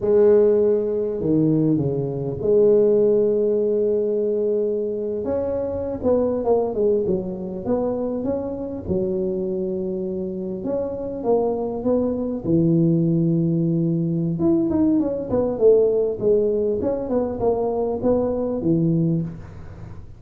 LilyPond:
\new Staff \with { instrumentName = "tuba" } { \time 4/4 \tempo 4 = 100 gis2 dis4 cis4 | gis1~ | gis8. cis'4~ cis'16 b8. ais8 gis8 fis16~ | fis8. b4 cis'4 fis4~ fis16~ |
fis4.~ fis16 cis'4 ais4 b16~ | b8. e2.~ e16 | e'8 dis'8 cis'8 b8 a4 gis4 | cis'8 b8 ais4 b4 e4 | }